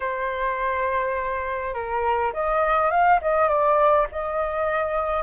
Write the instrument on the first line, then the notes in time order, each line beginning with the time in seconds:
flute
0.00 C5
1.74 A#4
2.33 D#5
2.90 F5
3.21 D#5
3.48 D5
4.11 D#5